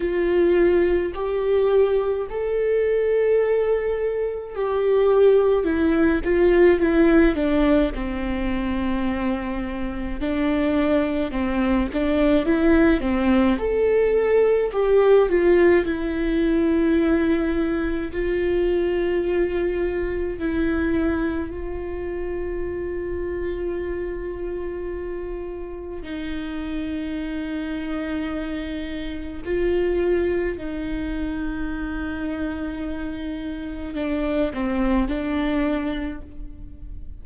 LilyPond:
\new Staff \with { instrumentName = "viola" } { \time 4/4 \tempo 4 = 53 f'4 g'4 a'2 | g'4 e'8 f'8 e'8 d'8 c'4~ | c'4 d'4 c'8 d'8 e'8 c'8 | a'4 g'8 f'8 e'2 |
f'2 e'4 f'4~ | f'2. dis'4~ | dis'2 f'4 dis'4~ | dis'2 d'8 c'8 d'4 | }